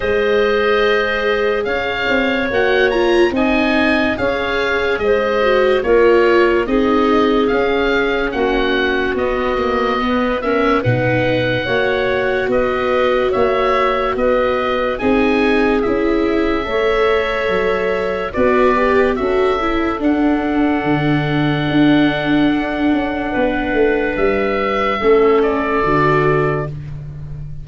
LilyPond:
<<
  \new Staff \with { instrumentName = "oboe" } { \time 4/4 \tempo 4 = 72 dis''2 f''4 fis''8 ais''8 | gis''4 f''4 dis''4 cis''4 | dis''4 f''4 fis''4 dis''4~ | dis''8 e''8 fis''2 dis''4 |
e''4 dis''4 gis''4 e''4~ | e''2 d''4 e''4 | fis''1~ | fis''4 e''4. d''4. | }
  \new Staff \with { instrumentName = "clarinet" } { \time 4/4 c''2 cis''2 | dis''4 cis''4 c''4 ais'4 | gis'2 fis'2 | b'8 ais'8 b'4 cis''4 b'4 |
cis''4 b'4 gis'2 | cis''2 b'4 a'4~ | a'1 | b'2 a'2 | }
  \new Staff \with { instrumentName = "viola" } { \time 4/4 gis'2. fis'8 f'8 | dis'4 gis'4. fis'8 f'4 | dis'4 cis'2 b8 ais8 | b8 cis'8 dis'4 fis'2~ |
fis'2 dis'4 e'4 | a'2 fis'8 g'8 fis'8 e'8 | d'1~ | d'2 cis'4 fis'4 | }
  \new Staff \with { instrumentName = "tuba" } { \time 4/4 gis2 cis'8 c'8 ais4 | c'4 cis'4 gis4 ais4 | c'4 cis'4 ais4 b4~ | b4 b,4 ais4 b4 |
ais4 b4 c'4 cis'4 | a4 fis4 b4 cis'4 | d'4 d4 d'4. cis'8 | b8 a8 g4 a4 d4 | }
>>